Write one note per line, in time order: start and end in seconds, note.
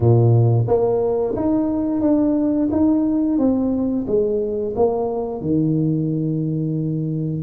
0.00 0.66 A#2
0.67 1.35 A#3
1.35 2.01 D#4
2.01 2.68 D4
2.71 3.38 D#4
3.38 4.05 C4
4.07 4.74 G#3
4.75 5.41 A#3
5.41 7.42 D#3